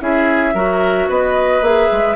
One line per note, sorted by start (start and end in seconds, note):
0.00 0.54 C#4
0.00 0.54 E4
0.00 0.54 G#4
0.00 1.10 E5
0.54 1.08 F#3
0.54 1.63 F#4
0.54 1.08 A#4
1.09 1.61 B3
1.09 2.16 B4
1.09 1.63 D#5
1.61 1.88 A#3
1.61 2.16 G#4
1.61 2.16 E5
1.92 2.16 G#3